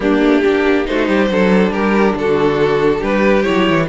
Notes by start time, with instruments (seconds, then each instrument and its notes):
0.00 cello G3, viola A#3, violin D4 G4
0.22 cello A3
0.42 cello A#3, viola D4, violin G4
0.85 cello A3, viola D#4, violin F#4 C5
1.08 cello G3, violin G4
1.29 cello F#3, viola D4, violin A4
1.70 cello G3, violin G4 A#4
2.14 cello D3, violin F#4 A4
2.99 cello G3, violin G4 B4
3.43 cello F#3, viola E4, violin C#5
3.69 cello E3